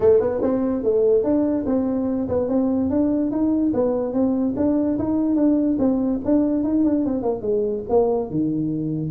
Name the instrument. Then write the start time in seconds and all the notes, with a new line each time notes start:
tuba
0.00 A3
0.20 B3
0.42 C4
0.83 A3
1.23 D4
1.66 C4
2.28 B3
2.48 C4
2.90 D4
3.31 D#4
3.73 B3
4.13 C4
4.56 D4
4.98 D#4
5.35 D4
5.79 C4
6.24 D4
6.63 D#4
6.84 D4
7.05 C4
7.22 A#3
7.41 G#3
7.89 A#3
8.30 D#3